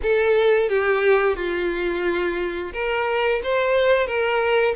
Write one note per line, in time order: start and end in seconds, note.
0.02 0.68 A4
0.68 1.36 G4
1.36 2.72 F4
2.73 3.41 A#4
3.43 4.06 C5
4.06 4.74 A#4